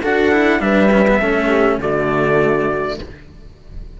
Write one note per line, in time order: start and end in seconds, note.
0.00 0.60 D4
0.00 0.31 F#4
0.00 0.59 A4
0.00 0.61 F#5
0.31 0.59 E4
0.59 1.19 G3
0.59 0.89 D4
0.59 1.20 B4
0.59 1.80 E5
0.91 1.06 C#4
1.07 1.21 B3
1.19 1.78 A3
1.19 1.80 C#4
1.19 1.47 A4
1.47 1.77 G4
1.78 2.97 D3
1.78 2.99 A3
1.78 2.98 F#4
1.78 3.00 D5